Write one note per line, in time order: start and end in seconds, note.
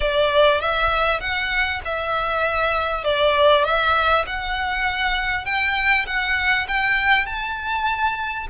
0.00 0.60 D5
0.60 1.20 E5
1.20 1.80 F#5
1.84 3.04 E5
3.04 3.64 D5
3.64 4.25 E5
4.26 5.45 F#5
5.45 6.06 G5
6.06 6.67 F#5
6.67 7.26 G5
7.26 8.47 A5